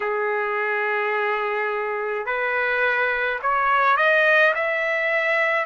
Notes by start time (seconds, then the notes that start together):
0.00 G#4
2.26 B4
3.42 C#5
3.96 D#5
4.54 E5